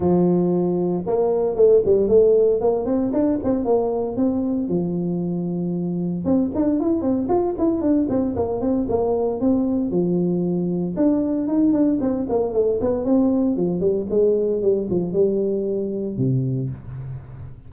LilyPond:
\new Staff \with { instrumentName = "tuba" } { \time 4/4 \tempo 4 = 115 f2 ais4 a8 g8 | a4 ais8 c'8 d'8 c'8 ais4 | c'4 f2. | c'8 d'8 e'8 c'8 f'8 e'8 d'8 c'8 |
ais8 c'8 ais4 c'4 f4~ | f4 d'4 dis'8 d'8 c'8 ais8 | a8 b8 c'4 f8 g8 gis4 | g8 f8 g2 c4 | }